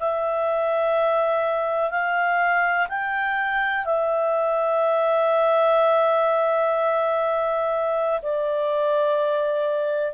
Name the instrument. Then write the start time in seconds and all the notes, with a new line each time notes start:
clarinet
0.00 E5
1.91 F5
2.89 G5
3.85 E5
8.22 D5